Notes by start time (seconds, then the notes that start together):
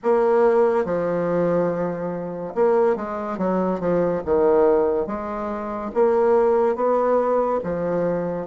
0.03 A#3
0.85 F3
2.55 A#3
2.95 G#3
3.38 F#3
3.80 F3
4.25 D#3
5.06 G#3
5.93 A#3
6.75 B3
7.63 F3